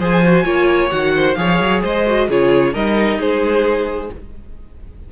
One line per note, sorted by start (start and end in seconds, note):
0.00 0.45 F3
0.00 0.24 G#4
0.00 0.45 C5
0.00 0.90 G#5
0.26 0.44 F#4
0.44 0.91 A#3
0.44 0.90 F4
0.44 1.13 C#5
0.90 1.37 D#3
0.90 1.36 F#4
0.90 1.35 F#5
1.16 1.39 C5
1.35 1.60 F3
1.35 2.06 G#4
1.35 1.82 C#5
1.35 1.81 F5
1.60 1.83 F#3
1.82 2.29 G#3
1.82 2.28 C5
1.82 2.31 D#5
2.07 2.30 F#4
2.29 2.75 C#3
2.29 2.74 F4
2.29 2.73 G#4
2.29 2.74 C#5
2.73 3.19 G3
2.73 4.11 D#4
2.73 3.19 A#4
2.73 3.20 D#5
3.19 4.10 G#3
3.19 4.12 G#4
3.19 4.12 C5